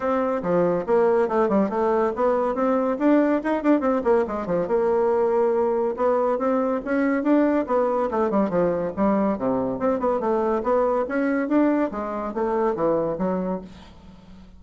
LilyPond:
\new Staff \with { instrumentName = "bassoon" } { \time 4/4 \tempo 4 = 141 c'4 f4 ais4 a8 g8 | a4 b4 c'4 d'4 | dis'8 d'8 c'8 ais8 gis8 f8 ais4~ | ais2 b4 c'4 |
cis'4 d'4 b4 a8 g8 | f4 g4 c4 c'8 b8 | a4 b4 cis'4 d'4 | gis4 a4 e4 fis4 | }